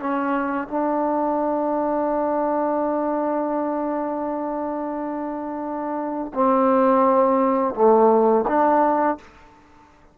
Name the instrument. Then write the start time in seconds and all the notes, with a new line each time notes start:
trombone
0.00 C#4
0.68 D4
6.34 C4
7.75 A3
8.48 D4